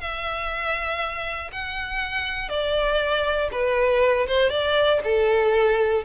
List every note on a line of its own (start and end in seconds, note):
0.00 1.50 E5
1.52 2.49 F#5
2.49 3.49 D5
3.52 4.27 B4
4.27 4.50 C5
4.50 5.00 D5
5.04 6.04 A4